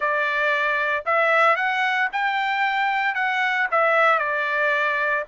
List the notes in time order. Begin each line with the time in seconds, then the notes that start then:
0.00 D5
1.05 E5
1.56 F#5
2.12 G5
3.14 F#5
3.71 E5
4.18 D5